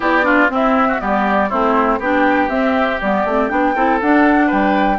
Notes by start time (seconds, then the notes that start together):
0.00 B3 E4 G4 D5
0.23 D4 F4
0.48 C4 E4 E5
0.88 F#4
0.98 G3 B3 G4 D5
1.49 A3 C4 E4 C5
1.99 B3 D4 G4 G5
2.49 C4 E5
3.01 G3 B3 D5
3.24 A3 C4
3.49 B3 D4 G5
3.75 C4 E4 A4
4.01 D4 F#5
4.46 G3 B4 G5